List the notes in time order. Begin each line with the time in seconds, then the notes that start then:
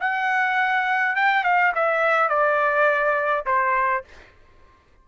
0.00 F#5
1.16 G5
1.44 F5
1.75 E5
2.29 D5
3.46 C5